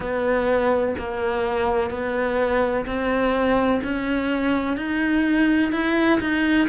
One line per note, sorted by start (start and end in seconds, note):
0.00 0.95 B3
0.98 1.90 A#3
1.90 2.85 B3
2.86 3.81 C4
3.83 4.76 C#4
4.76 5.71 D#4
5.71 6.19 E4
6.20 6.68 D#4